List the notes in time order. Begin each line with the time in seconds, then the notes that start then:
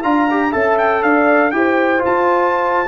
0.00 D4 F4 F5 A#5
0.30 G4
0.50 C#4 A4 E5 A5
0.78 G5
1.02 D4 D5 F5
1.51 E4 G4 C5 G5
1.98 F4
2.05 F4 A5